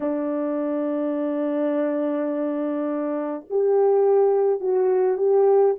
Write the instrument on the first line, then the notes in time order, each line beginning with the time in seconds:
horn
0.00 D4
3.49 G4
4.60 F#4
5.17 G4